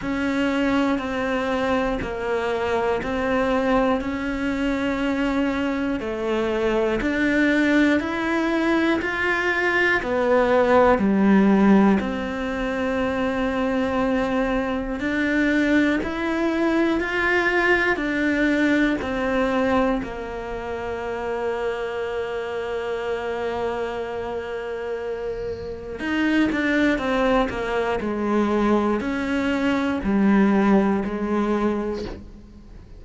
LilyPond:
\new Staff \with { instrumentName = "cello" } { \time 4/4 \tempo 4 = 60 cis'4 c'4 ais4 c'4 | cis'2 a4 d'4 | e'4 f'4 b4 g4 | c'2. d'4 |
e'4 f'4 d'4 c'4 | ais1~ | ais2 dis'8 d'8 c'8 ais8 | gis4 cis'4 g4 gis4 | }